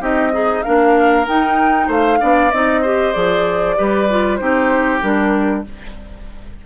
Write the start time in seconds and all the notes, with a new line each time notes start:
0.00 C4 D#4 G4 D#5
0.32 D#4 G#4
0.62 A#3 D4 A#4 F5
1.26 D#4 G5
1.87 A3 C5 F5
2.19 B3 D4 D5
2.51 C4 D#4 D#5
2.81 G4 C5
3.13 F3 G#4 D5
3.76 G3 G4 B4
4.10 F4
4.36 C4 D#4 G4 C5
5.01 G3 D4 A#4